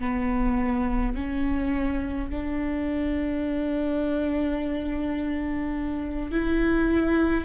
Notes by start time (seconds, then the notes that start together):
0.00 B3
1.15 C#4
2.31 D4
6.32 E4